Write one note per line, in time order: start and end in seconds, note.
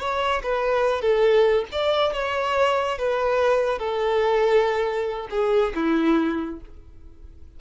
0.00 0.43 C#5
0.43 1.02 B4
1.02 1.65 A4
1.72 2.13 D5
2.13 2.98 C#5
2.98 3.79 B4
3.79 5.28 A4
5.31 5.73 G#4
5.75 6.61 E4